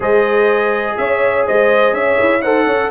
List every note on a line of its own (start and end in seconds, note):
0.00 0.94 G#3
0.00 2.40 G#4
0.00 0.96 C5
0.00 0.97 D#5
0.97 1.46 C#4
0.97 1.46 C#5
0.97 1.45 E5
1.46 1.93 G#3
1.46 1.94 C5
1.46 1.94 D#5
1.93 2.17 C#4
1.93 2.41 C#5
1.93 2.41 E5
2.19 2.42 E4
2.41 2.66 D#4
2.41 2.90 A4
2.41 2.65 C5
2.41 2.89 F#5
2.65 2.90 C#4
2.65 2.90 C#5